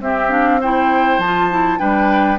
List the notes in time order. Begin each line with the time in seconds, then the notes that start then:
0.00 C4 G4 E5
0.29 D4 F5
0.61 E4 C5 G5
1.18 F3 F4 A5
1.51 E4
1.78 G3 D4 B4 G5